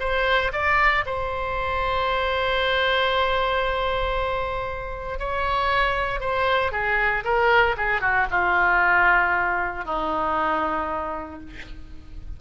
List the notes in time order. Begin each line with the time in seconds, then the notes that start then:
0.00 C5
0.53 D5
1.06 C5
5.19 C#5
6.20 C5
6.72 G#4
7.24 A#4
7.77 G#4
8.01 F#4
8.31 F4
9.85 D#4